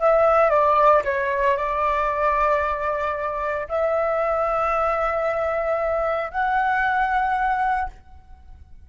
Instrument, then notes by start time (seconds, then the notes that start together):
flute
0.00 E5
0.50 D5
1.05 C#5
1.57 D5
3.69 E5
6.31 F#5